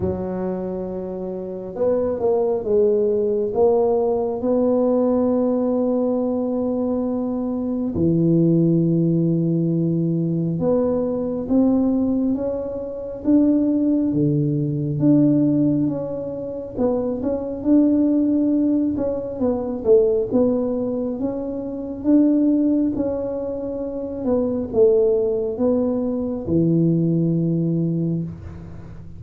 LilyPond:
\new Staff \with { instrumentName = "tuba" } { \time 4/4 \tempo 4 = 68 fis2 b8 ais8 gis4 | ais4 b2.~ | b4 e2. | b4 c'4 cis'4 d'4 |
d4 d'4 cis'4 b8 cis'8 | d'4. cis'8 b8 a8 b4 | cis'4 d'4 cis'4. b8 | a4 b4 e2 | }